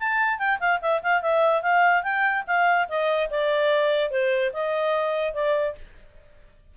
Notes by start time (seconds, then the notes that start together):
0.00 A5
0.39 G5
0.60 F5
0.81 E5
1.03 F5
1.22 E5
1.62 F5
2.03 G5
2.47 F5
2.89 D#5
3.30 D5
4.11 C5
4.53 D#5
5.34 D5